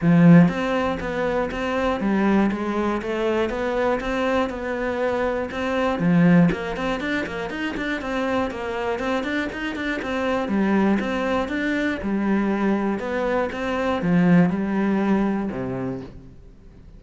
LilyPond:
\new Staff \with { instrumentName = "cello" } { \time 4/4 \tempo 4 = 120 f4 c'4 b4 c'4 | g4 gis4 a4 b4 | c'4 b2 c'4 | f4 ais8 c'8 d'8 ais8 dis'8 d'8 |
c'4 ais4 c'8 d'8 dis'8 d'8 | c'4 g4 c'4 d'4 | g2 b4 c'4 | f4 g2 c4 | }